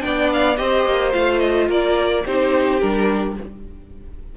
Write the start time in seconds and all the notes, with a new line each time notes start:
0.00 B3 D4 D5 G5
0.33 F5
0.57 C4 G4 C5 D#5
0.86 A#3
1.12 A3 F4 F5
1.39 D#5
1.68 A#3 A#4 D5
2.26 C4 D#4 G4 C5
2.80 G3 D4 A#4